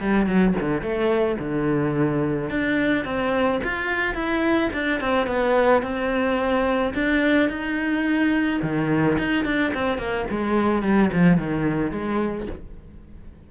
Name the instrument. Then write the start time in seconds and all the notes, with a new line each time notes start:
cello
0.00 G3
0.27 F#3
0.60 D3
0.82 A3
1.39 D3
2.50 D4
3.05 C4
3.64 F4
4.14 E4
4.73 D4
5.01 C4
5.27 B3
5.83 C4
6.95 D4
7.49 D#4
8.62 D#3
9.18 D#4
9.45 D4
9.74 C4
9.98 A#3
10.30 G#3
10.82 G3
11.13 F3
11.38 D#3
11.91 G#3